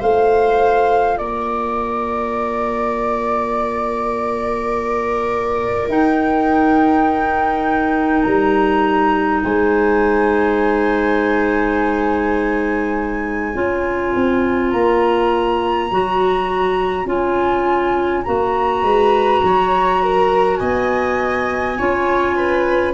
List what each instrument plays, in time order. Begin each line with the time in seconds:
0.00 tuba A3, clarinet F4, viola C5, flute F5
1.18 tuba A#3, viola A#4, flute D5
5.89 tuba D#4, clarinet D#4, flute G5
8.23 tuba G3, flute A#5
9.44 tuba G#3, viola C5, flute G#5
13.54 tuba C#4, clarinet F4, viola C#5
14.15 tuba C4
14.72 tuba A#3, flute A#5
15.91 tuba F#3, clarinet F#4
17.06 tuba C#4, clarinet F4, flute G#5
18.24 tuba A#3, clarinet F#4, flute A#5
18.83 tuba G#3, viola B4
19.43 tuba F#3, viola C#5
20.03 viola A#4
20.57 tuba B3, viola D#5, flute G#5
21.78 tuba C#4, clarinet F4, viola C#5
22.36 viola B4